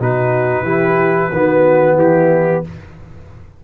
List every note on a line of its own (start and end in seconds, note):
0.00 0.63 B2
0.00 0.65 D#4
0.00 0.64 F#4
0.00 1.98 B4
0.63 1.29 E3
0.63 1.31 E4
0.63 1.30 G4
1.32 1.96 D#3
1.32 2.64 B3
1.32 1.97 F#4
1.96 2.62 E3
1.96 2.63 E4
1.96 2.64 G4